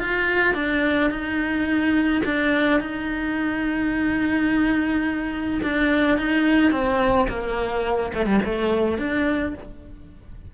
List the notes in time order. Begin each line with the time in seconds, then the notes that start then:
0.00 F4
0.54 D4
1.10 D#4
2.25 D4
2.80 D#4
5.63 D4
6.18 D#4
6.72 C4
7.29 A#3
8.14 A3
8.26 G3
8.45 A3
8.98 D4